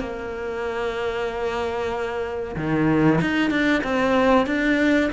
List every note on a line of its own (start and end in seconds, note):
0.00 2.55 A#3
2.56 3.19 D#3
3.21 3.50 D#4
3.50 3.82 D4
3.84 4.46 C4
4.46 5.10 D4